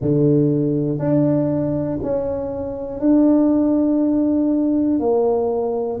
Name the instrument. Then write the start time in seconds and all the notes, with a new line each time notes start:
tuba
0.00 D3
0.98 D4
2.02 C#4
3.00 D4
4.99 A#3